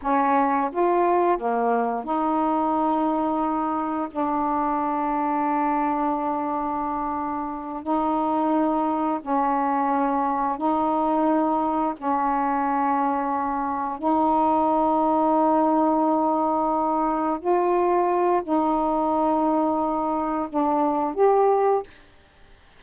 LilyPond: \new Staff \with { instrumentName = "saxophone" } { \time 4/4 \tempo 4 = 88 cis'4 f'4 ais4 dis'4~ | dis'2 d'2~ | d'2.~ d'8 dis'8~ | dis'4. cis'2 dis'8~ |
dis'4. cis'2~ cis'8~ | cis'8 dis'2.~ dis'8~ | dis'4. f'4. dis'4~ | dis'2 d'4 g'4 | }